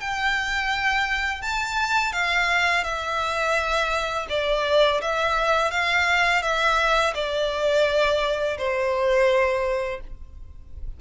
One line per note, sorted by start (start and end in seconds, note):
0.00 1.42 G5
1.42 2.13 A5
2.13 2.84 F5
2.84 4.27 E5
4.29 5.01 D5
5.01 5.71 E5
5.71 6.42 F5
6.42 7.14 E5
7.14 8.57 D5
8.58 10.01 C5